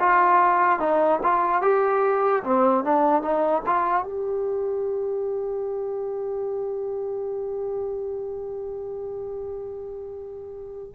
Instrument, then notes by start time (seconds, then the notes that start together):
trombone
0.00 F4
0.80 D#4
1.23 F4
1.62 G4
2.44 C4
2.85 D4
3.22 D#4
3.67 F4
4.04 G4